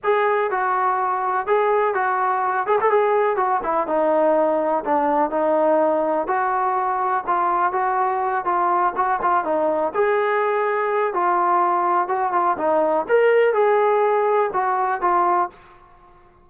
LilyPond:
\new Staff \with { instrumentName = "trombone" } { \time 4/4 \tempo 4 = 124 gis'4 fis'2 gis'4 | fis'4. gis'16 a'16 gis'4 fis'8 e'8 | dis'2 d'4 dis'4~ | dis'4 fis'2 f'4 |
fis'4. f'4 fis'8 f'8 dis'8~ | dis'8 gis'2~ gis'8 f'4~ | f'4 fis'8 f'8 dis'4 ais'4 | gis'2 fis'4 f'4 | }